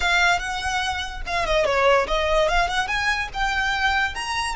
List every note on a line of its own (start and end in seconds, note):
0.00 0.39 F5
0.39 1.21 F#5
1.26 1.45 F5
1.45 1.65 D#5
1.65 2.06 C#5
2.07 2.48 D#5
2.48 2.67 F5
2.67 2.87 F#5
2.87 3.28 G#5
3.33 4.14 G5
4.14 4.55 A#5